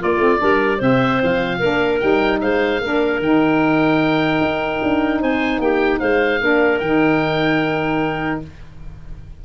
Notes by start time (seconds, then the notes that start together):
0.00 A#3 F4 D5
0.18 A3 C4
0.38 G3 D4 A#4
0.78 C3 C4 C5 E5
1.23 F3 F5
1.59 A#3 D4 A#4
2.00 G3 D#4 G5
2.41 G#3 C5 F5
2.81 A#3 D4 A#4
3.20 D#3 D#4 G5
4.42 D#4
4.83 D4
5.21 C4 C5 G#5
5.59 A#3 G4 G5
6.00 G#3 C5 F5
6.41 A#3 D4 A#4
6.80 D#3 D#4 G5